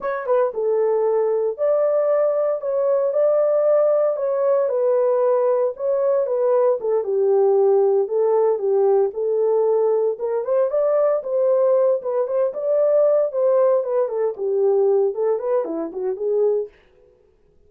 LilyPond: \new Staff \with { instrumentName = "horn" } { \time 4/4 \tempo 4 = 115 cis''8 b'8 a'2 d''4~ | d''4 cis''4 d''2 | cis''4 b'2 cis''4 | b'4 a'8 g'2 a'8~ |
a'8 g'4 a'2 ais'8 | c''8 d''4 c''4. b'8 c''8 | d''4. c''4 b'8 a'8 g'8~ | g'4 a'8 b'8 e'8 fis'8 gis'4 | }